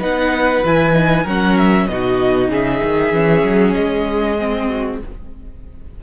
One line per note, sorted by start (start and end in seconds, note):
0.00 0.63 B3
0.00 0.63 D#4
0.00 1.23 B4
0.00 0.65 F#5
0.64 1.25 E3
0.64 0.92 E4
0.64 1.27 G#5
0.92 1.24 D#4
1.23 1.88 F#3
1.23 1.90 C#4
1.23 1.85 A#4
1.23 1.58 F#5
1.58 1.87 E5
1.87 2.49 B2
1.87 3.13 D#4
1.87 2.50 F#4
1.87 2.49 D#5
2.49 2.80 C#3
2.49 4.68 G#4
2.49 3.73 E5
2.83 3.12 D#3
3.12 3.43 E3
3.12 4.38 C#4
3.43 3.74 F#3
3.73 5.02 G#3
3.73 4.98 D#5
4.39 5.01 C4
4.68 4.99 F#4